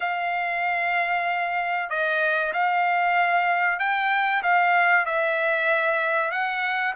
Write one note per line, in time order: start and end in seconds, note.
0.00 1.89 F5
1.89 2.53 D#5
2.53 3.79 F5
3.79 4.42 G5
4.42 5.05 F5
5.05 6.31 E5
6.31 6.94 F#5